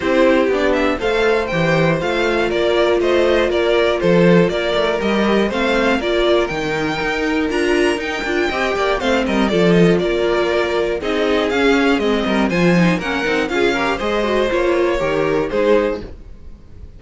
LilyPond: <<
  \new Staff \with { instrumentName = "violin" } { \time 4/4 \tempo 4 = 120 c''4 d''8 e''8 f''4 g''4 | f''4 d''4 dis''4 d''4 | c''4 d''4 dis''4 f''4 | d''4 g''2 ais''4 |
g''2 f''8 dis''8 d''8 dis''8 | d''2 dis''4 f''4 | dis''4 gis''4 fis''4 f''4 | dis''4 cis''2 c''4 | }
  \new Staff \with { instrumentName = "violin" } { \time 4/4 g'2 c''2~ | c''4 ais'4 c''4 ais'4 | a'4 ais'2 c''4 | ais'1~ |
ais'4 dis''8 d''8 c''8 ais'8 a'4 | ais'2 gis'2~ | gis'8 ais'8 c''4 ais'4 gis'8 ais'8 | c''2 ais'4 gis'4 | }
  \new Staff \with { instrumentName = "viola" } { \time 4/4 e'4 d'4 a'4 g'4 | f'1~ | f'2 g'4 c'4 | f'4 dis'2 f'4 |
dis'8 f'8 g'4 c'4 f'4~ | f'2 dis'4 cis'4 | c'4 f'8 dis'8 cis'8 dis'8 f'8 g'8 | gis'8 fis'8 f'4 g'4 dis'4 | }
  \new Staff \with { instrumentName = "cello" } { \time 4/4 c'4 b4 a4 e4 | a4 ais4 a4 ais4 | f4 ais8 a8 g4 a4 | ais4 dis4 dis'4 d'4 |
dis'8 d'8 c'8 ais8 a8 g8 f4 | ais2 c'4 cis'4 | gis8 g8 f4 ais8 c'8 cis'4 | gis4 ais4 dis4 gis4 | }
>>